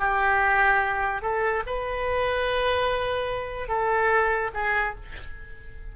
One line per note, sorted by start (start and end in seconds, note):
0.00 1.22 G4
1.22 1.63 A4
1.67 3.69 B4
3.69 4.51 A4
4.54 4.95 G#4